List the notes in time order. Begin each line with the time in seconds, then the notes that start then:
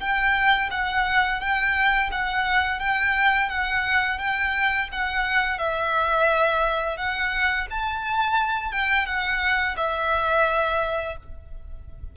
0.00 G5
0.71 F#5
1.40 G5
2.12 F#5
2.79 G5
3.49 F#5
4.19 G5
4.92 F#5
5.58 E5
6.97 F#5
7.70 A5
8.72 G5
9.06 F#5
9.77 E5